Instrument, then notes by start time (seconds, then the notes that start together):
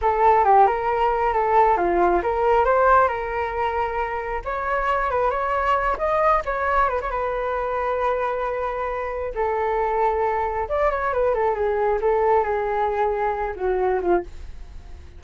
flute
0.01 A4
0.44 G4
0.66 A#4
1.33 A4
1.77 F4
2.22 A#4
2.64 C5
3.08 A#4
4.44 C#5
5.10 B4
5.30 C#5
5.97 D#5
6.45 C#5
6.89 B4
7.01 C#5
7.10 B4
9.34 A4
10.68 D5
10.91 C#5
11.13 B4
11.34 A4
11.54 G#4
12.01 A4
12.43 G#4
13.56 F#4
14.01 F4